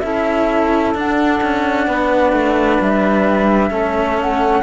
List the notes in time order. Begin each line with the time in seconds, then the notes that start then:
0.00 C#4 E4 A4 E5
0.94 D4 F#5
1.43 C#4
1.87 B3 B4
2.32 A3
2.81 G3 E5
3.70 A3 C#4 A4
4.22 F#5